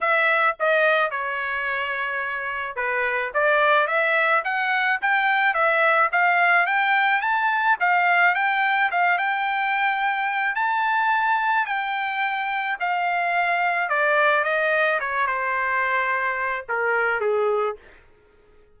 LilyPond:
\new Staff \with { instrumentName = "trumpet" } { \time 4/4 \tempo 4 = 108 e''4 dis''4 cis''2~ | cis''4 b'4 d''4 e''4 | fis''4 g''4 e''4 f''4 | g''4 a''4 f''4 g''4 |
f''8 g''2~ g''8 a''4~ | a''4 g''2 f''4~ | f''4 d''4 dis''4 cis''8 c''8~ | c''2 ais'4 gis'4 | }